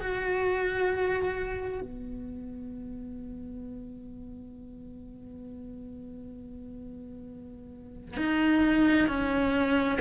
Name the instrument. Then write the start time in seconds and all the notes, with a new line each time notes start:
cello
0.00 F#4
1.81 B3
8.17 D#4
9.08 C#4